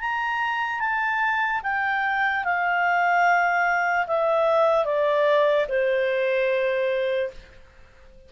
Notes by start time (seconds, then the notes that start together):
0.00 A#5
0.80 A5
1.63 G5
2.44 F5
4.07 E5
4.85 D5
5.68 C5